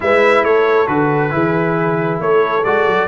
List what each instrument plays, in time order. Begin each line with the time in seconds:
0.00 tuba G#3, trombone E4, horn B4, trumpet E5
0.43 tuba A3, horn A4, trumpet C#5
0.86 tuba D3, trombone F#4, trumpet B4
1.30 tuba E3, trombone E4, horn G#4
2.19 tuba A3, horn A4, trumpet C#5
2.64 tuba G#3, trombone F#4, trumpet D5
2.86 tuba F#3